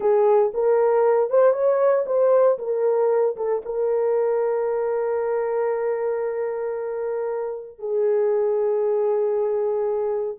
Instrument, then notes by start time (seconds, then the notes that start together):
horn
0.00 G#4
0.53 A#4
1.29 C5
1.53 C#5
2.06 C5
2.58 A#4
3.36 A4
3.65 A#4
7.78 G#4